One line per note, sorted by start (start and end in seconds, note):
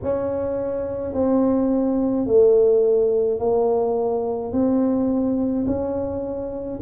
0.03 1.13 C#4
1.13 2.26 C4
2.26 3.39 A3
3.39 4.52 A#3
4.52 5.66 C4
5.66 6.79 C#4